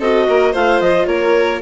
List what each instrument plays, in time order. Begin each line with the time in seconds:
0.00 bassoon C4, viola F#4, violin A4, clarinet D#5
0.28 bassoon A#3, violin A#4
0.52 bassoon A3, viola F4, violin C5, clarinet F5
0.81 bassoon F3, clarinet D#5
1.06 bassoon A#3, violin A#4, clarinet C#5